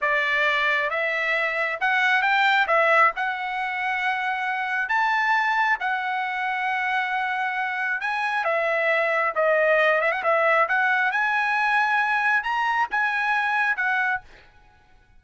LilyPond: \new Staff \with { instrumentName = "trumpet" } { \time 4/4 \tempo 4 = 135 d''2 e''2 | fis''4 g''4 e''4 fis''4~ | fis''2. a''4~ | a''4 fis''2.~ |
fis''2 gis''4 e''4~ | e''4 dis''4. e''16 fis''16 e''4 | fis''4 gis''2. | ais''4 gis''2 fis''4 | }